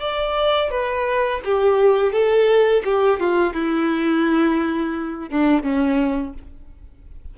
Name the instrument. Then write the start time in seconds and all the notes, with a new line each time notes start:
violin
0.00 D5
0.71 B4
1.45 G4
2.12 A4
2.85 G4
3.20 F4
3.54 E4
5.30 D4
5.63 C#4